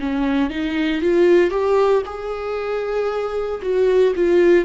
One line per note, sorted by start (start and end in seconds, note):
0.00 0.51 C#4
0.51 1.02 D#4
1.02 1.51 F4
1.51 2.03 G4
2.06 3.61 G#4
3.62 4.14 F#4
4.16 4.66 F4